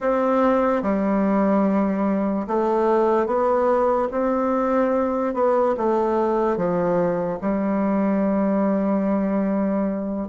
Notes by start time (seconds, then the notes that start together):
0.00 C4
0.82 G3
2.47 A3
3.26 B3
4.11 C4
5.34 B3
5.77 A3
6.56 F3
7.41 G3